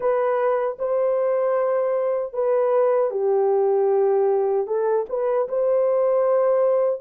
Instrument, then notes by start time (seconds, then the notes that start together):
horn
0.00 B4
0.79 C5
2.33 B4
3.11 G4
4.66 A4
5.09 B4
5.48 C5